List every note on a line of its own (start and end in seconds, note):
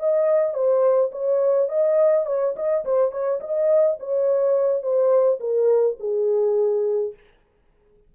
0.00 0.54 D#5
0.54 1.11 C5
1.12 1.69 C#5
1.69 2.26 D#5
2.27 2.55 C#5
2.56 2.85 D#5
2.85 3.12 C5
3.12 3.41 C#5
3.41 3.98 D#5
4.00 4.83 C#5
4.83 5.40 C5
5.41 5.98 A#4
6.00 7.15 G#4